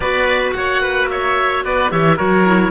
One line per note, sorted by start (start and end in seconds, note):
0.00 0.53 B3
0.00 1.90 F#4
0.00 0.54 B4
0.00 0.51 D5
0.52 1.64 A#3
0.52 0.81 C#5
0.52 1.06 F#5
0.81 1.08 B4
1.09 1.64 C#5
1.09 1.64 E5
1.64 1.91 B3
1.64 1.92 B4
1.64 1.91 D5
1.90 2.18 E3
1.90 2.16 G4
1.90 2.16 C#5
1.90 2.18 E5
2.16 2.71 F#3
2.16 2.44 F#4
2.16 2.71 A#4
2.16 2.71 C#5
2.45 2.71 E4